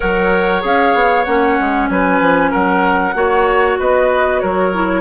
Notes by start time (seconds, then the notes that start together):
0.00 F#3 A#4 C#5 F#5
0.61 C#4 G#4 F5
0.94 B3
1.24 A#3 C#4 F#5
1.60 G#3
1.88 F#3 B4 G#5
2.21 F3
2.50 F#3 A#4 F#5
3.14 A#3 F#4 C#5
3.79 B3 B4 D#5
4.39 F#3 A#4 C#5
4.73 E4